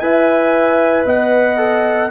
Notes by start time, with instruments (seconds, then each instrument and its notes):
0.00 tuba E4, trombone B4, horn E5, trumpet G#5
1.06 tuba B3, horn D#5, trumpet F#5
1.58 trombone A4